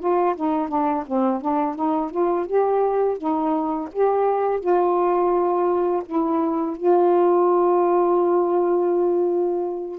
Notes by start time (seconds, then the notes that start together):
0.00 F4
0.36 D#4
0.69 D4
1.07 C4
1.41 D4
1.75 D#4
2.11 F4
2.47 G4
3.18 D#4
3.93 G4
4.60 F4
6.06 E4
6.77 F4